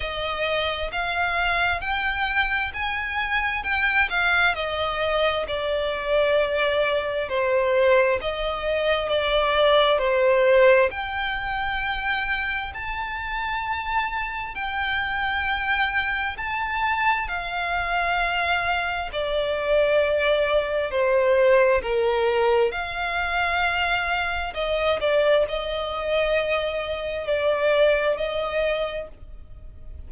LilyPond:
\new Staff \with { instrumentName = "violin" } { \time 4/4 \tempo 4 = 66 dis''4 f''4 g''4 gis''4 | g''8 f''8 dis''4 d''2 | c''4 dis''4 d''4 c''4 | g''2 a''2 |
g''2 a''4 f''4~ | f''4 d''2 c''4 | ais'4 f''2 dis''8 d''8 | dis''2 d''4 dis''4 | }